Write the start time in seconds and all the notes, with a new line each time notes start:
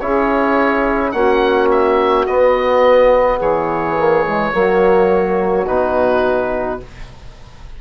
0.00 C#4 E4 G#4 C#5
1.12 A#3 C#4 F#4 F#5
1.71 E5
2.26 B3 D#5
3.37 E3 G#4 C#5
3.97 A#3
4.26 G#3
4.52 F#3 A#3 F#4
5.66 B2 D#4 B4